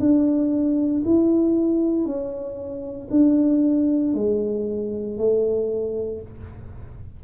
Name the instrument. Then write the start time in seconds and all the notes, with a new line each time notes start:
tuba
0.00 D4
1.05 E4
2.05 C#4
3.11 D4
4.14 G#3
5.18 A3